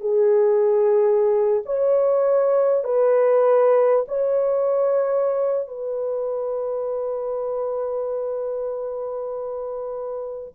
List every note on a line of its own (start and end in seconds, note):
0.00 1.62 G#4
1.65 2.84 C#5
2.84 4.05 B4
4.08 5.68 C#5
5.68 10.54 B4